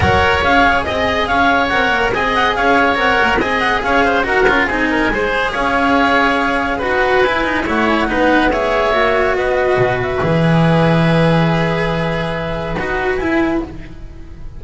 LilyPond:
<<
  \new Staff \with { instrumentName = "clarinet" } { \time 4/4 \tempo 4 = 141 fis''4 f''4 dis''4 f''4 | fis''4 gis''8 fis''8 f''4 fis''4 | gis''8 fis''8 f''4 fis''4 gis''4~ | gis''4 f''2. |
fis''4 gis''4 fis''8 gis''16 fis''4~ fis''16 | e''2 dis''4. e''8~ | e''1~ | e''2 fis''4 gis''4 | }
  \new Staff \with { instrumentName = "oboe" } { \time 4/4 cis''2 dis''4 cis''4~ | cis''4 dis''4 cis''2 | dis''4 cis''8 c''8 ais'4 gis'8 ais'8 | c''4 cis''2. |
b'2 cis''4 b'4 | cis''2 b'2~ | b'1~ | b'1 | }
  \new Staff \with { instrumentName = "cello" } { \time 4/4 ais'4 gis'2. | ais'4 gis'2 ais'4 | gis'2 fis'8 f'8 dis'4 | gis'1 |
fis'4 e'8 dis'8 e'4 dis'4 | gis'4 fis'2. | gis'1~ | gis'2 fis'4 e'4 | }
  \new Staff \with { instrumentName = "double bass" } { \time 4/4 fis4 cis'4 c'4 cis'4 | c'8 ais8 c'4 cis'4 c'8 ais8 | c'4 cis'4 dis'8 cis'8 c'4 | gis4 cis'2. |
dis'4 e'4 a4 b4~ | b4 ais4 b4 b,4 | e1~ | e2 dis'4 e'4 | }
>>